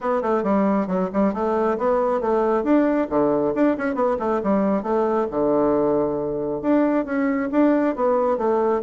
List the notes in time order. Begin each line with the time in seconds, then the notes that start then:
0.01 B3
0.21 A3
0.43 G3
0.87 F#3
1.13 G3
1.33 A3
1.78 B3
2.20 A3
2.63 D4
3.09 D3
3.55 D4
3.77 C#4
3.94 B3
4.19 A3
4.43 G3
4.82 A3
5.30 D3
6.61 D4
7.05 C#4
7.51 D4
7.95 B3
8.37 A3